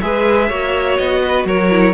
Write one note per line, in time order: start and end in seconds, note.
0.00 0.50 G#3
0.00 0.48 G#4
0.00 0.47 B4
0.00 0.96 E5
0.47 0.98 A#3
0.47 1.69 F#4
0.47 1.20 C#5
0.96 1.44 B3
0.96 1.44 D#5
1.23 1.46 B4
1.44 1.93 F#3
1.44 1.93 A#4
1.44 1.93 C#5
1.70 1.93 E4